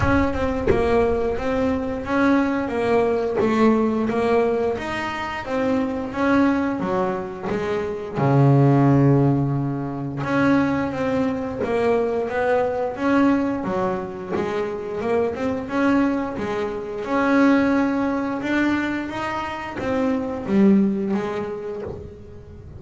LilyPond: \new Staff \with { instrumentName = "double bass" } { \time 4/4 \tempo 4 = 88 cis'8 c'8 ais4 c'4 cis'4 | ais4 a4 ais4 dis'4 | c'4 cis'4 fis4 gis4 | cis2. cis'4 |
c'4 ais4 b4 cis'4 | fis4 gis4 ais8 c'8 cis'4 | gis4 cis'2 d'4 | dis'4 c'4 g4 gis4 | }